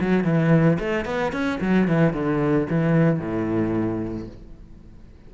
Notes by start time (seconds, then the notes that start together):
0.00 F#3
0.24 E3
0.79 A3
1.05 B3
1.32 C#4
1.60 F#3
1.87 E3
2.13 D3
2.69 E3
3.19 A2